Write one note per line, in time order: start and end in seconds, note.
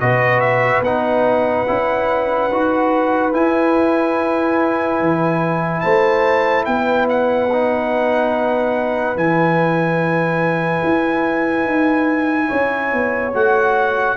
0.00 0.80 B2
0.00 0.84 F#4
0.00 5.82 B4
0.00 0.40 D#5
0.40 0.81 E5
0.80 1.63 B3
0.80 1.67 D#4
0.80 3.34 F#5
1.67 2.52 C#4
1.67 2.50 E4
2.52 3.34 D#4
2.52 3.33 F#4
3.33 7.49 E4
3.33 5.00 E4
3.33 5.81 G#5
5.00 5.83 E3
5.81 6.67 A3
5.81 6.66 C5
5.81 6.64 A5
6.65 9.16 B3
6.65 12.48 B4
6.65 7.07 G5
7.09 9.17 F#5
7.52 9.16 D#4
9.16 10.82 E3
9.16 13.33 E4
9.16 13.34 G#5
10.84 11.65 E4
11.65 12.49 D#4
12.48 12.93 C#4
12.48 14.15 C#5
12.93 13.34 B3
13.34 14.17 A3
13.34 14.17 F#4
13.34 14.17 F#5